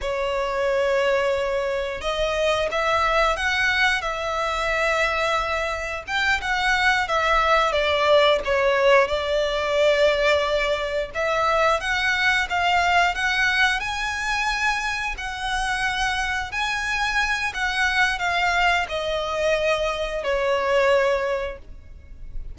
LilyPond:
\new Staff \with { instrumentName = "violin" } { \time 4/4 \tempo 4 = 89 cis''2. dis''4 | e''4 fis''4 e''2~ | e''4 g''8 fis''4 e''4 d''8~ | d''8 cis''4 d''2~ d''8~ |
d''8 e''4 fis''4 f''4 fis''8~ | fis''8 gis''2 fis''4.~ | fis''8 gis''4. fis''4 f''4 | dis''2 cis''2 | }